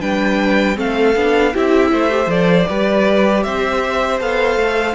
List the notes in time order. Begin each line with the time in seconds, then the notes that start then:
0.00 G3 D4 B4 G5
0.75 A3 C4 A4 F5
1.15 B3 D4
1.53 C4 E4 G4 E5
1.92 A3 C5
2.10 G4
2.26 F3 A4 D5
2.68 G3 G4 B4
3.43 C4 C5 E5
4.20 B3 A4 F5
4.56 A3